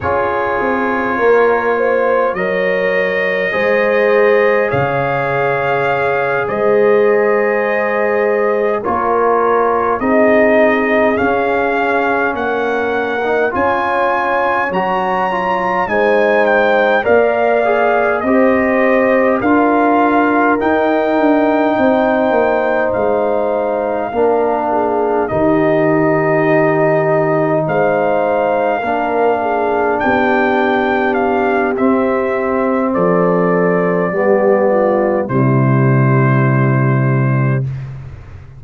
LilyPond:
<<
  \new Staff \with { instrumentName = "trumpet" } { \time 4/4 \tempo 4 = 51 cis''2 dis''2 | f''4. dis''2 cis''8~ | cis''8 dis''4 f''4 fis''4 gis''8~ | gis''8 ais''4 gis''8 g''8 f''4 dis''8~ |
dis''8 f''4 g''2 f''8~ | f''4. dis''2 f''8~ | f''4. g''4 f''8 e''4 | d''2 c''2 | }
  \new Staff \with { instrumentName = "horn" } { \time 4/4 gis'4 ais'8 c''8 cis''4 c''4 | cis''4. c''2 ais'8~ | ais'8 gis'2 ais'4 cis''8~ | cis''4. c''4 d''4 c''8~ |
c''8 ais'2 c''4.~ | c''8 ais'8 gis'8 g'2 c''8~ | c''8 ais'8 gis'8 g'2~ g'8 | a'4 g'8 f'8 e'2 | }
  \new Staff \with { instrumentName = "trombone" } { \time 4/4 f'2 ais'4 gis'4~ | gis'2.~ gis'8 f'8~ | f'8 dis'4 cis'4.~ cis'16 dis'16 f'8~ | f'8 fis'8 f'8 dis'4 ais'8 gis'8 g'8~ |
g'8 f'4 dis'2~ dis'8~ | dis'8 d'4 dis'2~ dis'8~ | dis'8 d'2~ d'8 c'4~ | c'4 b4 g2 | }
  \new Staff \with { instrumentName = "tuba" } { \time 4/4 cis'8 c'8 ais4 fis4 gis4 | cis4. gis2 ais8~ | ais8 c'4 cis'4 ais4 cis'8~ | cis'8 fis4 gis4 ais4 c'8~ |
c'8 d'4 dis'8 d'8 c'8 ais8 gis8~ | gis8 ais4 dis2 gis8~ | gis8 ais4 b4. c'4 | f4 g4 c2 | }
>>